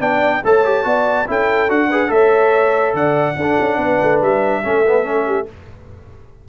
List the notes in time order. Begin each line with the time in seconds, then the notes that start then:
0.00 B3 D4 D5 G5
0.44 A3 A4 C#5 A5
0.65 G4
0.84 B3 F#4 D5
1.27 C#4 E4 A4 G5
1.69 D4 F#4 F#5
1.89 G#4 B4
2.08 A3 A4 C#5 E5
2.94 D3 D5 F#5
3.36 D4 A4
3.60 C#4
3.77 B3 B4
4.03 A3
4.22 G3 E5
4.63 A3 C#4 A4
4.87 B3
5.03 C#4
5.26 G4